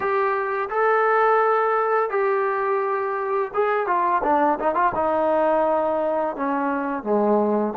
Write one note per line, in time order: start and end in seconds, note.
0.00 0.69 G4
0.69 2.10 A4
2.10 3.51 G4
3.54 3.86 G#4
3.86 4.22 F4
4.23 4.58 D4
4.59 4.75 D#4
4.75 4.92 F4
4.94 6.36 D#4
6.36 7.03 C#4
7.03 7.73 G#3